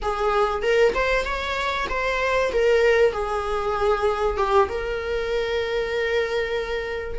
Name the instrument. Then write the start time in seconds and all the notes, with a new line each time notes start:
viola
0.02 G#4
0.62 A#4
0.94 C5
1.24 C#5
1.89 C5
2.52 A#4
3.12 G#4
4.37 G4
4.68 A#4